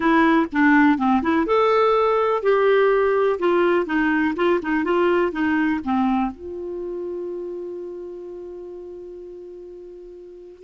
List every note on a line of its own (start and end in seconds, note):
0.00 0.46 E4
0.52 0.97 D4
0.97 1.22 C4
1.22 1.46 E4
1.46 2.42 A4
2.42 3.39 G4
3.39 3.86 F4
3.86 4.34 D#4
4.35 4.60 F4
4.62 4.84 D#4
4.84 5.32 F4
5.32 5.80 D#4
5.84 6.31 C4
6.31 10.63 F4